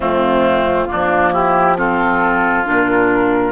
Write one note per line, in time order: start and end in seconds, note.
0.00 0.87 F2
0.00 0.87 A3
0.00 0.87 C4
0.00 1.32 F4
0.87 2.67 F3
0.87 1.75 A#3
0.87 1.33 D4
1.32 1.77 E4
1.32 1.76 G4
1.77 2.64 C4
1.77 3.51 F4
1.77 2.65 A4
2.64 3.51 A#2
2.64 3.51 D4
2.64 3.51 A#4